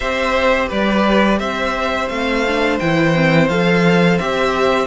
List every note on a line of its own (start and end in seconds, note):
0.00 0.70 C4
0.00 2.10 G4
0.00 0.68 C5
0.00 0.69 E5
0.68 1.39 G3
0.68 1.38 B4
0.68 1.39 D5
1.39 2.09 C4
1.39 4.87 C5
1.39 2.08 E5
2.08 2.79 A3
2.08 2.45 C4
2.08 2.78 F5
2.47 2.82 D4
2.79 3.49 E3
2.79 3.15 E4
2.79 3.48 G5
3.15 3.50 C4
3.48 4.18 F3
3.48 4.19 A4
3.48 4.18 F5
4.18 4.87 C4
4.18 4.87 G4
4.18 4.87 E5